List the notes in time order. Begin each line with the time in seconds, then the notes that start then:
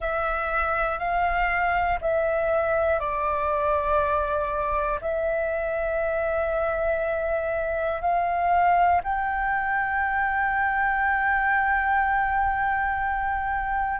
0.00 E5
0.99 F5
2.00 E5
3.00 D5
5.01 E5
8.00 F5
9.03 G5